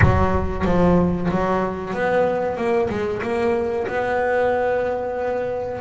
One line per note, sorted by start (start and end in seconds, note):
0.01 0.65 F#3
0.65 1.29 F3
1.30 1.93 F#3
1.93 2.56 B3
2.56 2.89 A#3
2.89 3.21 G#3
3.22 3.87 A#3
3.87 5.80 B3